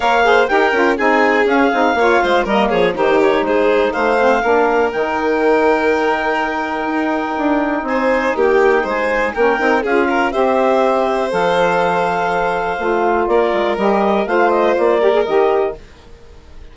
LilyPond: <<
  \new Staff \with { instrumentName = "clarinet" } { \time 4/4 \tempo 4 = 122 f''4 g''4 gis''4 f''4~ | f''4 dis''8 cis''8 c''8 cis''8 c''4 | f''2 g''2~ | g''1 |
gis''4 g''4 gis''4 g''4 | f''4 e''2 f''4~ | f''2. d''4 | dis''4 f''8 dis''8 d''4 dis''4 | }
  \new Staff \with { instrumentName = "violin" } { \time 4/4 cis''8 c''8 ais'4 gis'2 | cis''8 c''8 ais'8 gis'8 g'4 gis'4 | c''4 ais'2.~ | ais'1 |
c''4 g'4 c''4 ais'4 | gis'8 ais'8 c''2.~ | c''2. ais'4~ | ais'4 c''4. ais'4. | }
  \new Staff \with { instrumentName = "saxophone" } { \time 4/4 ais'8 gis'8 g'8 f'8 dis'4 cis'8 dis'8 | f'4 ais4 dis'2~ | dis'8 c'8 d'4 dis'2~ | dis'1~ |
dis'2. cis'8 dis'8 | f'4 g'2 a'4~ | a'2 f'2 | g'4 f'4. g'16 gis'16 g'4 | }
  \new Staff \with { instrumentName = "bassoon" } { \time 4/4 ais4 dis'8 cis'8 c'4 cis'8 c'8 | ais8 gis8 g8 f8 dis4 gis4 | a4 ais4 dis2~ | dis2 dis'4 d'4 |
c'4 ais4 gis4 ais8 c'8 | cis'4 c'2 f4~ | f2 a4 ais8 gis8 | g4 a4 ais4 dis4 | }
>>